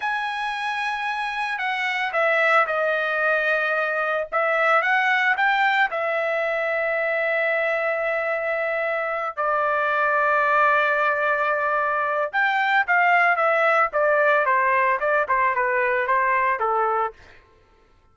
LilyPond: \new Staff \with { instrumentName = "trumpet" } { \time 4/4 \tempo 4 = 112 gis''2. fis''4 | e''4 dis''2. | e''4 fis''4 g''4 e''4~ | e''1~ |
e''4. d''2~ d''8~ | d''2. g''4 | f''4 e''4 d''4 c''4 | d''8 c''8 b'4 c''4 a'4 | }